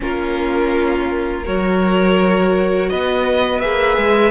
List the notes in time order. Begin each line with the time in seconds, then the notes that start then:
0.00 A#3 C#4 F4 A#4
1.44 F#3 F#4 A#4 C#5
2.89 B3 B4 D#5
3.60 A#3 G#4 E5
3.97 G#3